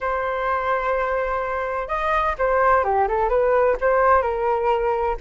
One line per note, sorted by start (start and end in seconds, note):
0.01 1.88 C5
1.88 2.35 D#5
2.38 2.83 C5
2.83 3.07 G4
3.08 3.29 A4
3.29 3.76 B4
3.80 4.22 C5
4.22 5.16 A#4